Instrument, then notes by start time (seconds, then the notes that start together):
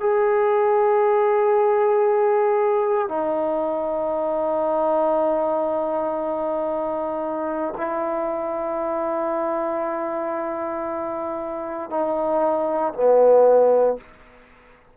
trombone
0.00 G#4
3.08 D#4
7.77 E4
11.90 D#4
12.94 B3